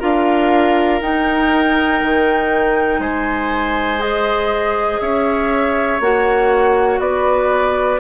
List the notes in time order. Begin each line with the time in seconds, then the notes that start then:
0.00 D4 F4 A#4 F5
1.02 D#4 G5
2.02 D#3
2.99 G#3 C5 G#5
3.99 G#4 D#5
5.00 C#4 C#5 E5
6.01 A#3 F#4 F#5
6.99 B3 B4 D5